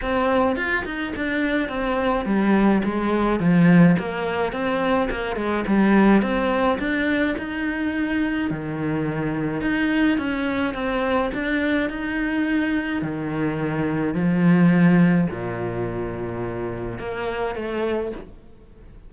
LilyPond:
\new Staff \with { instrumentName = "cello" } { \time 4/4 \tempo 4 = 106 c'4 f'8 dis'8 d'4 c'4 | g4 gis4 f4 ais4 | c'4 ais8 gis8 g4 c'4 | d'4 dis'2 dis4~ |
dis4 dis'4 cis'4 c'4 | d'4 dis'2 dis4~ | dis4 f2 ais,4~ | ais,2 ais4 a4 | }